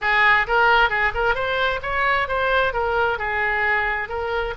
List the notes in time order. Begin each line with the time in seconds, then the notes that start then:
0.01 G#4
0.47 A#4
0.89 G#4
1.14 A#4
1.34 C5
1.82 C#5
2.28 C5
2.73 A#4
3.18 G#4
4.08 A#4